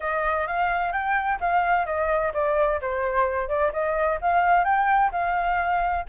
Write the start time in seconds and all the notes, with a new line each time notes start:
0.00 D#5
0.47 F5
0.92 G5
1.40 F5
1.86 D#5
2.33 D5
2.81 C5
3.48 D5
3.72 D#5
4.21 F5
4.64 G5
5.11 F5